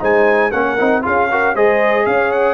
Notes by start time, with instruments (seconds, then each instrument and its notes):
0.00 tuba G#3, trombone D#4, horn C5, trumpet G#5
0.51 tuba A#3, trombone C#4, horn A#4, trumpet F#5
0.78 tuba C4, trombone D#4
1.02 tuba C#4, trombone F4, horn G#4, trumpet F5
1.31 trombone F#4, horn A#4
1.55 tuba G#3, trombone G#4, horn C5, trumpet D#5
2.06 tuba C#4, horn C#5, trumpet F5
2.32 trumpet F#5